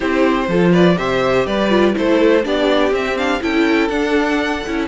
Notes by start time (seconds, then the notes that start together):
0.00 C4 E4 G4 C5
0.47 F3 F4 A4
0.71 B4 D5
0.97 C3 G4 C5 E5
1.46 G3 B4 D5
1.69 F4
1.93 A3 E4 A4 C5
2.43 B3 D4 G4 D5
2.91 C4 E5
3.17 D4 F5
3.40 C#4 E4 A4 G5
3.88 D4 F#5
4.66 C#4 E4